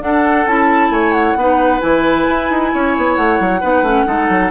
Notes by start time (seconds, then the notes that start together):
0.00 D4 A4 F#5
0.47 C#4 E4 A5
0.90 A3 C#5 G#5
1.13 F#5
1.36 B3 D#4 B4
1.81 E3 E4 G#5
2.29 E4
2.50 D#4
2.74 C#4 C#5
2.97 B3
3.16 A3 F#5
3.40 F#3
3.61 B3 D#4 B4
3.82 A3 C#4
4.06 G#3 D#4 A4
4.29 F#3